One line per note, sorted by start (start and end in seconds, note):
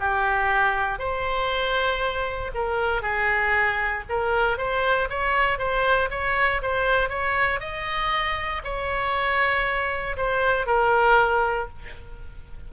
0.00 0.99 G4
0.99 2.51 C5
2.55 3.02 A#4
3.02 4.04 G#4
4.10 4.58 A#4
4.58 5.08 C5
5.10 5.59 C#5
5.59 6.10 C5
6.11 6.62 C#5
6.62 7.10 C5
7.10 7.60 C#5
7.60 8.62 D#5
8.64 10.17 C#5
10.17 10.67 C5
10.67 11.69 A#4